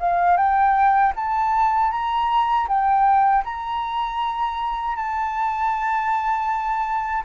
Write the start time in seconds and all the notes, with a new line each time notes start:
0.00 F5
0.37 G5
1.16 A5
1.91 A#5
2.68 G5
3.45 A#5
4.96 A5